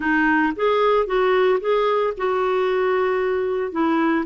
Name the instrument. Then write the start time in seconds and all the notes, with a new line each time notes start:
clarinet
0.00 D#4
0.56 G#4
1.06 F#4
1.60 G#4
2.17 F#4
3.72 E4